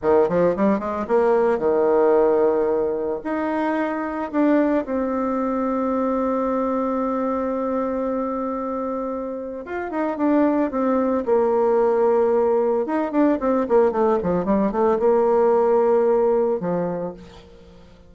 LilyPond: \new Staff \with { instrumentName = "bassoon" } { \time 4/4 \tempo 4 = 112 dis8 f8 g8 gis8 ais4 dis4~ | dis2 dis'2 | d'4 c'2.~ | c'1~ |
c'2 f'8 dis'8 d'4 | c'4 ais2. | dis'8 d'8 c'8 ais8 a8 f8 g8 a8 | ais2. f4 | }